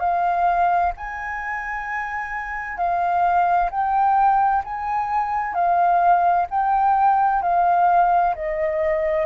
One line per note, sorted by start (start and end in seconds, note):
0.00 0.92 F5
0.97 2.77 G#5
2.77 3.70 F5
3.71 4.63 G5
4.64 5.54 G#5
5.54 6.47 F5
6.50 7.43 G5
7.43 8.35 F5
8.35 9.26 D#5